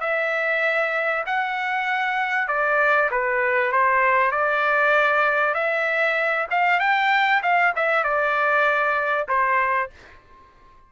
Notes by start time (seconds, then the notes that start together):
0.00 E5
1.26 F#5
2.48 D5
3.11 B4
3.72 C5
4.31 D5
5.54 E5
6.50 F5
6.80 G5
7.42 F5
7.76 E5
8.04 D5
9.28 C5